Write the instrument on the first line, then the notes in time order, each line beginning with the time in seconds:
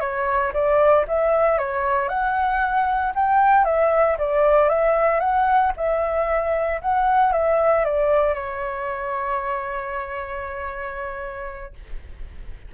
flute
0.00 C#5
0.53 D5
1.08 E5
1.58 C#5
2.09 F#5
3.15 G5
3.65 E5
4.18 D5
4.69 E5
5.20 F#5
5.77 E5
6.81 F#5
7.32 E5
7.85 D5
8.34 C#5